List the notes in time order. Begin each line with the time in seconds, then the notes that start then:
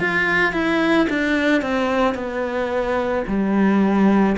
0.00 F4
0.53 E4
1.10 D4
1.62 C4
2.15 B3
3.28 G3